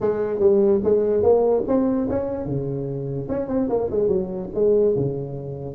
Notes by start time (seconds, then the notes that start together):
0.01 G#3
0.39 G3
0.84 G#3
1.22 A#3
1.67 C4
2.09 C#4
2.45 C#3
3.29 C#4
3.48 C4
3.69 A#3
3.90 G#3
4.08 F#3
4.54 G#3
4.95 C#3